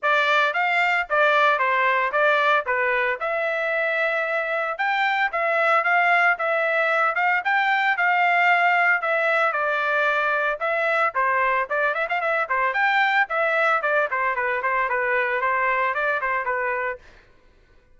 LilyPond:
\new Staff \with { instrumentName = "trumpet" } { \time 4/4 \tempo 4 = 113 d''4 f''4 d''4 c''4 | d''4 b'4 e''2~ | e''4 g''4 e''4 f''4 | e''4. f''8 g''4 f''4~ |
f''4 e''4 d''2 | e''4 c''4 d''8 e''16 f''16 e''8 c''8 | g''4 e''4 d''8 c''8 b'8 c''8 | b'4 c''4 d''8 c''8 b'4 | }